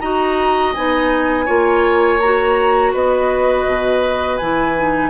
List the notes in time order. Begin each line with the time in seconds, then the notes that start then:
0.00 D#4 F#4 D#5 A#5
0.74 B3 D#4 G#5
1.45 A#3 F4 C#5
2.20 F#4 A#5
2.93 B3 B4 D#5
3.66 B2
4.37 E3 E4 G#5
4.77 D#4